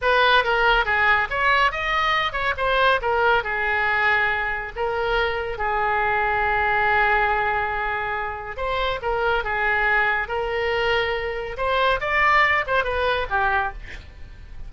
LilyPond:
\new Staff \with { instrumentName = "oboe" } { \time 4/4 \tempo 4 = 140 b'4 ais'4 gis'4 cis''4 | dis''4. cis''8 c''4 ais'4 | gis'2. ais'4~ | ais'4 gis'2.~ |
gis'1 | c''4 ais'4 gis'2 | ais'2. c''4 | d''4. c''8 b'4 g'4 | }